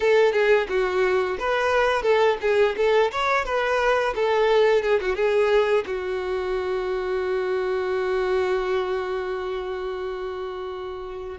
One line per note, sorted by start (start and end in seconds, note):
0.00 0.32 A4
0.32 0.67 G#4
0.68 1.37 F#4
1.39 2.02 B4
2.02 2.37 A4
2.41 2.75 G#4
2.76 3.11 A4
3.11 3.45 C#5
3.45 4.13 B4
4.15 4.82 A4
4.82 4.99 G#4
5.00 5.15 F#4
5.15 5.84 G#4
5.86 11.38 F#4